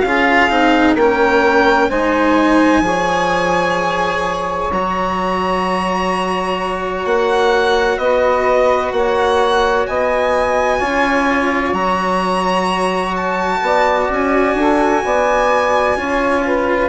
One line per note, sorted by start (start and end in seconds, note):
0.00 0.49 C#4
0.00 0.50 F4
0.00 0.97 G#4
0.00 0.94 F5
0.50 0.95 C4
0.50 0.97 D#4
0.95 1.89 A#3
0.95 1.91 C#4
0.95 1.88 A#4
0.95 1.90 G5
1.88 2.81 G#3
1.88 2.83 D#4
1.88 2.82 C5
1.88 4.71 G#5
2.81 4.68 F3
2.81 4.71 G#4
2.81 8.00 C#5
4.72 7.05 F#3
4.72 10.81 F#4
4.72 7.05 A#5
7.05 7.98 A#3
7.05 7.98 F#5
7.98 8.91 B3
7.98 8.94 B4
7.98 8.92 D#5
8.92 9.86 A#3
8.92 9.88 C#5
8.92 9.86 F#5
9.86 10.81 B3
9.86 10.79 D#5
9.86 11.74 G#5
10.79 11.73 C#4
10.79 11.74 F4
10.79 13.60 C#5
11.73 13.60 F#3
11.73 15.96 F#4
11.73 13.14 A#5
13.17 14.10 A5
13.62 14.09 B3
13.62 14.56 D5
14.10 14.54 C#4
14.10 16.89 G#5
14.54 15.01 D4
14.54 15.03 A4
15.04 15.96 B3
15.04 15.98 D5
15.96 16.89 C#4
15.96 16.89 F4
15.96 16.45 C#5
16.45 16.89 B4